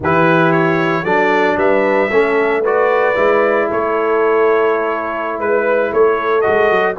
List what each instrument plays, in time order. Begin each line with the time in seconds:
0.00 tuba E3, trombone E4, horn G4, trumpet B4
0.52 trumpet C#5
1.03 tuba F#3, trombone D4, horn A4, trumpet D5
1.57 tuba G3, horn B4, trumpet E5
2.09 tuba A3, trombone C#4, horn A4
2.61 trombone F#4, horn B4, trumpet D5
3.14 tuba G#3, trombone E4
3.67 tuba A3, horn A4, trumpet C#5
5.38 tuba G#3, horn B4, trumpet B4
5.92 tuba A3, horn A4, trumpet C#5
6.41 trombone F#4, trumpet D#5
6.47 tuba G#3
6.70 tuba F#3